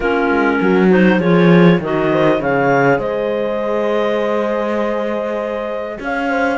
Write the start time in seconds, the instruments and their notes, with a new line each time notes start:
0.00 cello A#3, clarinet C#4 A#4, horn F4
0.29 cello G#3
0.61 cello F#3, horn F#4
0.90 clarinet D#4 C5
1.19 cello F3, clarinet F4 C#5, horn G#4
1.79 cello D#3, clarinet F#4 D#5, horn A#4
2.11 horn C5
2.40 cello C#3, clarinet G#4 F5, horn C#5
2.98 cello G#3, horn C5, clarinet D#5
5.99 cello C#4, horn C#5, clarinet F5
6.29 horn C5